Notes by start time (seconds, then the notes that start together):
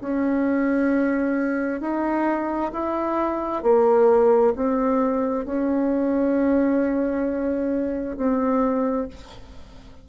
0.00 C#4
1.80 D#4
2.72 E4
3.62 A#3
4.55 C4
5.45 C#4
8.17 C4